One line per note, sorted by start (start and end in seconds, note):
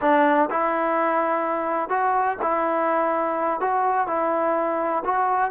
0.01 0.49 D4
0.50 1.89 E4
1.89 2.37 F#4
2.42 3.60 E4
3.60 4.07 F#4
4.07 5.03 E4
5.04 5.51 F#4